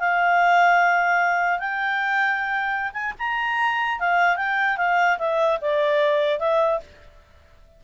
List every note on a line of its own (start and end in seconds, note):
0.00 1.59 F5
1.59 2.92 G5
2.94 3.14 G#5
3.19 4.00 A#5
4.00 4.37 F5
4.37 4.78 G5
4.78 5.18 F5
5.19 5.60 E5
5.61 6.40 D5
6.40 6.80 E5